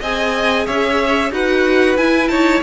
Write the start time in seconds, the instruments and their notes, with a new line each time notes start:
0.00 cello C4, viola G#4, violin D#5 G#5
0.66 cello C#4, violin C#5 E5
1.31 cello D#4, viola F#4, violin B4 F#5
1.97 cello E4, viola E4, violin G#5
2.28 cello D#4, violin C#5 A5